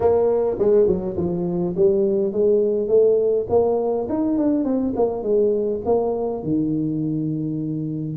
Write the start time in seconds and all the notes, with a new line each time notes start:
0.00 A#3
0.58 G#3
0.87 F#3
1.17 F3
1.76 G3
2.32 G#3
2.88 A3
3.49 A#3
4.09 D#4
4.38 D4
4.64 C4
4.95 A#3
5.22 G#3
5.85 A#3
6.43 D#3